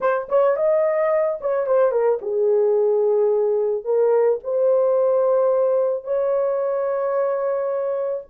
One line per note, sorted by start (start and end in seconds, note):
0.00 0.28 C5
0.28 0.56 C#5
0.56 1.39 D#5
1.41 1.66 C#5
1.66 1.91 C5
1.91 2.19 A#4
2.21 3.84 G#4
3.84 4.39 A#4
4.43 6.04 C5
6.04 8.24 C#5